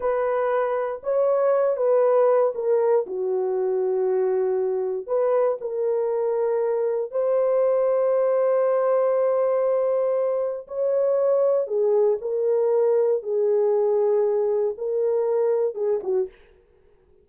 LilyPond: \new Staff \with { instrumentName = "horn" } { \time 4/4 \tempo 4 = 118 b'2 cis''4. b'8~ | b'4 ais'4 fis'2~ | fis'2 b'4 ais'4~ | ais'2 c''2~ |
c''1~ | c''4 cis''2 gis'4 | ais'2 gis'2~ | gis'4 ais'2 gis'8 fis'8 | }